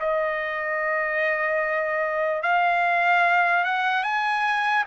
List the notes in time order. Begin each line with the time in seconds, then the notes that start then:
0.00 D#5
2.43 F5
3.64 F#5
4.04 G#5